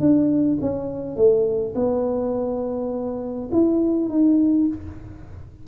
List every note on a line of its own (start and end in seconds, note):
0.00 0.58 D4
0.61 1.16 C#4
1.16 1.74 A3
1.75 3.50 B3
3.52 4.09 E4
4.09 4.67 D#4